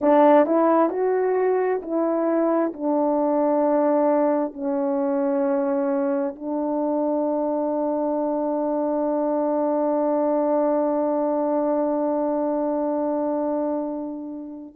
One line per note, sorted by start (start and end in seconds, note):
0.01 0.45 D4
0.45 0.89 E4
0.89 1.80 F#4
1.82 2.73 E4
2.73 4.53 D4
4.53 6.35 C#4
6.35 14.75 D4